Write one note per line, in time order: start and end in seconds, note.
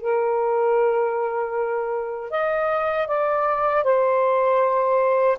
0.00 2.30 A#4
2.30 3.07 D#5
3.07 3.83 D5
3.83 5.37 C5